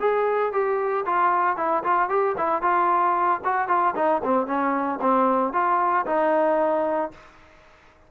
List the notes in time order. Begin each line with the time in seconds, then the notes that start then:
0.00 G#4
0.52 G4
1.05 F4
1.57 E4
1.83 F4
2.09 G4
2.38 E4
2.62 F4
3.44 F#4
3.68 F4
3.95 D#4
4.24 C4
4.46 C#4
5.01 C4
5.53 F4
6.06 D#4